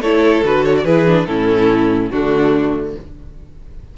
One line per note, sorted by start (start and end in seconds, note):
0.00 0.42 A3
0.00 0.44 E4
0.00 0.84 A4
0.00 0.44 C#5
0.43 0.84 D3
0.43 0.86 F#4
0.43 0.65 B4
0.65 0.76 C#5
0.78 0.85 D5
0.84 1.26 E3
0.84 1.07 E4
0.84 1.26 G#4
0.84 1.26 B4
1.07 1.28 D4
1.27 2.10 A2
1.27 2.11 C#4
1.27 2.11 E4
1.27 2.10 A4
2.10 2.96 D3
2.10 2.98 A3
2.10 2.94 D4
2.10 2.93 F#4